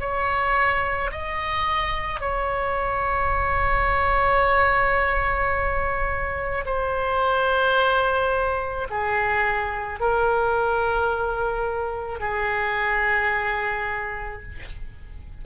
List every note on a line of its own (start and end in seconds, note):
0.00 1.11 C#5
1.12 2.21 D#5
2.21 6.65 C#5
6.66 8.88 C5
8.90 10.00 G#4
10.00 12.20 A#4
12.20 14.42 G#4